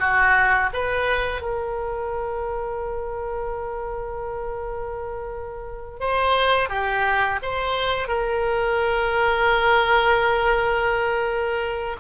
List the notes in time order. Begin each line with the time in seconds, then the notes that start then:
0.00 F#4
0.73 B4
1.42 A#4
6.00 C5
6.70 G4
7.43 C5
8.09 A#4